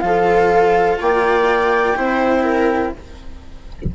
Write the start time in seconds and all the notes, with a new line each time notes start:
0.00 F3 F4 A4 F5
1.00 A#3 D5 G5
1.96 C4 E4 C5
2.43 A#4